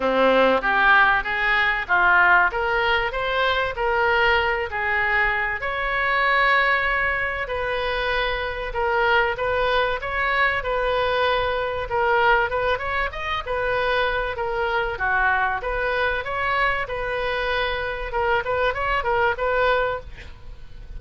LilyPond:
\new Staff \with { instrumentName = "oboe" } { \time 4/4 \tempo 4 = 96 c'4 g'4 gis'4 f'4 | ais'4 c''4 ais'4. gis'8~ | gis'4 cis''2. | b'2 ais'4 b'4 |
cis''4 b'2 ais'4 | b'8 cis''8 dis''8 b'4. ais'4 | fis'4 b'4 cis''4 b'4~ | b'4 ais'8 b'8 cis''8 ais'8 b'4 | }